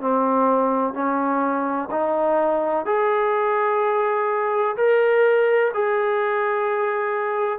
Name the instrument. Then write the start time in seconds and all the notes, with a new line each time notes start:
trombone
0.00 C4
0.93 C#4
1.90 D#4
2.85 G#4
4.76 A#4
5.74 G#4